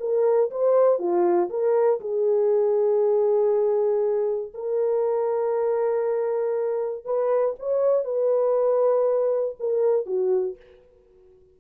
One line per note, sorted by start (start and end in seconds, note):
0.00 0.50 A#4
0.51 0.99 C5
0.99 1.49 F4
1.49 2.00 A#4
2.01 4.53 G#4
4.54 7.05 A#4
7.05 7.55 B4
7.59 8.04 C#5
8.04 9.56 B4
9.60 10.06 A#4
10.06 10.57 F#4